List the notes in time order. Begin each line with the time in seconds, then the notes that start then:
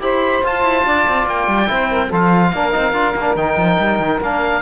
0.00 E4 G4 C5 B5
0.43 F4 A5
0.63 E4
0.86 D4 D5
1.08 C4
1.27 A#3 G5
1.48 G3
1.67 C4 E4 C5
1.90 A#4
2.07 F3 F4 A4
2.14 F5
2.53 A#3 D4 A#4
2.72 C4 D#4
2.93 D4 F4
3.16 A#3 D4
3.36 D#3 D#4 G5
3.58 F3
3.80 G3
3.99 D#3
4.21 A#3 D4 F5